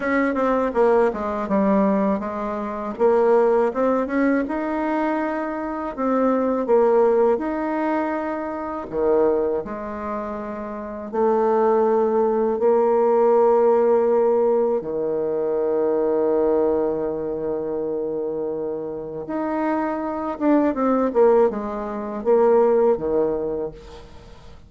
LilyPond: \new Staff \with { instrumentName = "bassoon" } { \time 4/4 \tempo 4 = 81 cis'8 c'8 ais8 gis8 g4 gis4 | ais4 c'8 cis'8 dis'2 | c'4 ais4 dis'2 | dis4 gis2 a4~ |
a4 ais2. | dis1~ | dis2 dis'4. d'8 | c'8 ais8 gis4 ais4 dis4 | }